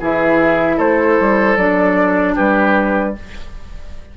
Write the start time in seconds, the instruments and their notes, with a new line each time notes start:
0.00 bassoon E3, clarinet E4, oboe G#4, flute E5
0.76 bassoon A3, oboe A4, flute C5
1.20 bassoon G3
1.56 bassoon F#3, clarinet D4, flute D5
2.34 bassoon G3, oboe G4, flute B4